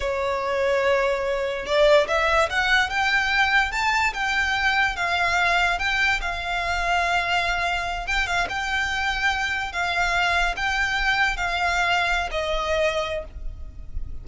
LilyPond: \new Staff \with { instrumentName = "violin" } { \time 4/4 \tempo 4 = 145 cis''1 | d''4 e''4 fis''4 g''4~ | g''4 a''4 g''2 | f''2 g''4 f''4~ |
f''2.~ f''8 g''8 | f''8 g''2. f''8~ | f''4. g''2 f''8~ | f''4.~ f''16 dis''2~ dis''16 | }